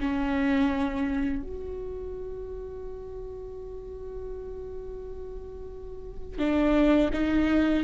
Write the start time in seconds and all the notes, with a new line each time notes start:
0.00 C#4
1.43 F#4
6.39 D4
7.13 D#4